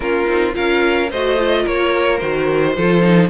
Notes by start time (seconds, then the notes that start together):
0.00 A#3 C#4 F4 A#4
0.27 C4 D#4
0.52 C#4 F4 A#4 F5
1.10 A3 F#4 C5 D#5
1.37 F4
1.62 A#3 A#4 C#5
2.17 D#3 F#4 C5
2.76 F3 F4 A4
3.01 D#4